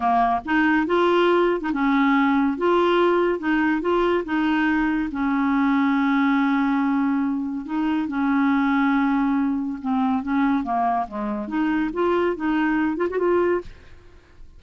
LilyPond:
\new Staff \with { instrumentName = "clarinet" } { \time 4/4 \tempo 4 = 141 ais4 dis'4 f'4.~ f'16 dis'16 | cis'2 f'2 | dis'4 f'4 dis'2 | cis'1~ |
cis'2 dis'4 cis'4~ | cis'2. c'4 | cis'4 ais4 gis4 dis'4 | f'4 dis'4. f'16 fis'16 f'4 | }